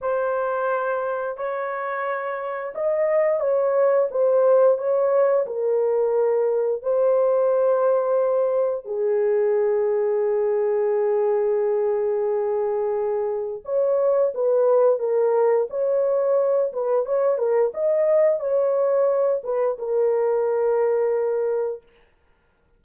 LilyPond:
\new Staff \with { instrumentName = "horn" } { \time 4/4 \tempo 4 = 88 c''2 cis''2 | dis''4 cis''4 c''4 cis''4 | ais'2 c''2~ | c''4 gis'2.~ |
gis'1 | cis''4 b'4 ais'4 cis''4~ | cis''8 b'8 cis''8 ais'8 dis''4 cis''4~ | cis''8 b'8 ais'2. | }